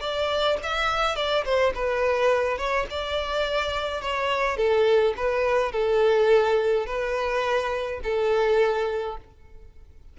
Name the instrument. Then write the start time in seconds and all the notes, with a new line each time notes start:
violin
0.00 D5
0.63 E5
1.15 D5
1.44 C5
1.74 B4
2.57 C#5
2.90 D5
4.01 C#5
4.57 A4
5.16 B4
5.71 A4
6.86 B4
8.03 A4